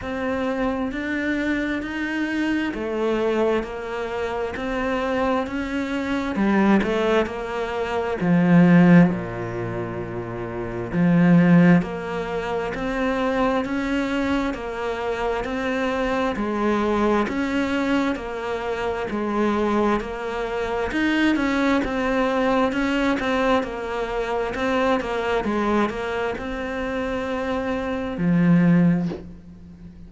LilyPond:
\new Staff \with { instrumentName = "cello" } { \time 4/4 \tempo 4 = 66 c'4 d'4 dis'4 a4 | ais4 c'4 cis'4 g8 a8 | ais4 f4 ais,2 | f4 ais4 c'4 cis'4 |
ais4 c'4 gis4 cis'4 | ais4 gis4 ais4 dis'8 cis'8 | c'4 cis'8 c'8 ais4 c'8 ais8 | gis8 ais8 c'2 f4 | }